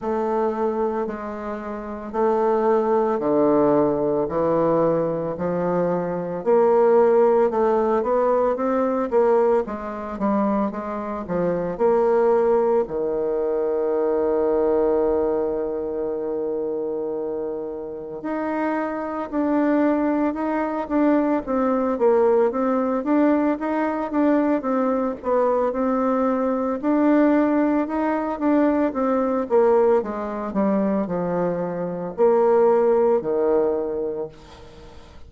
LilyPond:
\new Staff \with { instrumentName = "bassoon" } { \time 4/4 \tempo 4 = 56 a4 gis4 a4 d4 | e4 f4 ais4 a8 b8 | c'8 ais8 gis8 g8 gis8 f8 ais4 | dis1~ |
dis4 dis'4 d'4 dis'8 d'8 | c'8 ais8 c'8 d'8 dis'8 d'8 c'8 b8 | c'4 d'4 dis'8 d'8 c'8 ais8 | gis8 g8 f4 ais4 dis4 | }